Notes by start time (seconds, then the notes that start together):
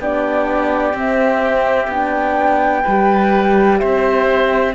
0.00 B3 D4 G4 D5
0.94 C4 E5
1.88 B3 D4 G5
2.83 G3 G4 B4
3.79 C4 C5 E5